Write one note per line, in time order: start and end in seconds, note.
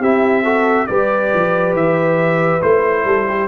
0.00 0.87 C4
0.00 0.44 E4
0.00 0.43 G4
0.00 0.86 E5
0.43 0.87 F#4
0.43 0.87 A4
0.86 1.33 G3
0.86 2.61 G4
0.86 3.05 B4
0.86 1.73 D5
1.34 1.73 F3
1.73 2.60 E3
1.73 2.61 E5
2.61 3.05 A3
2.61 3.48 E4
2.61 3.48 C5
3.05 3.48 G3
3.05 3.26 A4
3.28 3.48 G4